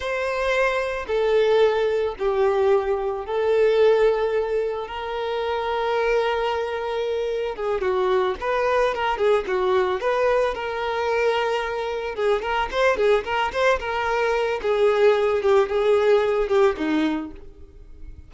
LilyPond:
\new Staff \with { instrumentName = "violin" } { \time 4/4 \tempo 4 = 111 c''2 a'2 | g'2 a'2~ | a'4 ais'2.~ | ais'2 gis'8 fis'4 b'8~ |
b'8 ais'8 gis'8 fis'4 b'4 ais'8~ | ais'2~ ais'8 gis'8 ais'8 c''8 | gis'8 ais'8 c''8 ais'4. gis'4~ | gis'8 g'8 gis'4. g'8 dis'4 | }